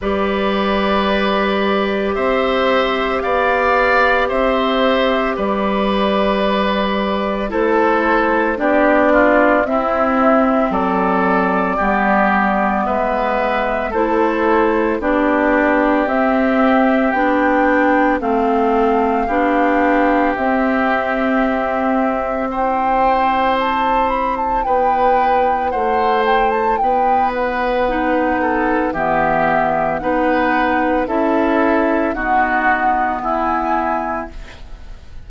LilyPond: <<
  \new Staff \with { instrumentName = "flute" } { \time 4/4 \tempo 4 = 56 d''2 e''4 f''4 | e''4 d''2 c''4 | d''4 e''4 d''2 | e''4 c''4 d''4 e''4 |
g''4 f''2 e''4~ | e''4 g''4 a''8 b''16 a''16 g''4 | fis''8 g''16 a''16 g''8 fis''4. e''4 | fis''4 e''4 fis''4 gis''4 | }
  \new Staff \with { instrumentName = "oboe" } { \time 4/4 b'2 c''4 d''4 | c''4 b'2 a'4 | g'8 f'8 e'4 a'4 g'4 | b'4 a'4 g'2~ |
g'4 a'4 g'2~ | g'4 c''2 b'4 | c''4 b'4. a'8 g'4 | b'4 a'4 fis'4 e'4 | }
  \new Staff \with { instrumentName = "clarinet" } { \time 4/4 g'1~ | g'2. e'4 | d'4 c'2 b4~ | b4 e'4 d'4 c'4 |
d'4 c'4 d'4 c'4~ | c'4 e'2.~ | e'2 dis'4 b4 | dis'4 e'4 b2 | }
  \new Staff \with { instrumentName = "bassoon" } { \time 4/4 g2 c'4 b4 | c'4 g2 a4 | b4 c'4 fis4 g4 | gis4 a4 b4 c'4 |
b4 a4 b4 c'4~ | c'2. b4 | a4 b2 e4 | b4 cis'4 dis'4 e'4 | }
>>